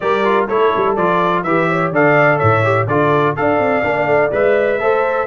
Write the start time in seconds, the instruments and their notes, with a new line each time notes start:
0.00 tuba G3, trombone G4, horn A#4, trumpet D5
0.24 trombone F4
0.47 tuba A3, trombone E4, horn A4, trumpet C#5
0.76 tuba G3
0.96 tuba F3, trombone F4, trumpet D5
1.43 tuba E3, trombone G4, horn B4, trumpet E5
1.68 horn C#5
1.91 tuba D3, trombone A4, horn D5, trumpet F5
2.38 tuba A2, horn C#5, trumpet E5
2.63 trombone G4
2.87 tuba D3, trombone F4, horn A4, trumpet D5
3.36 tuba D4, trombone A4, horn D5, trumpet F5
3.58 tuba C4
3.83 tuba A#3, trombone D4
4.05 tuba A3
4.31 tuba G#3, trombone B4, trumpet E5
4.79 tuba A3, trombone A4, horn C5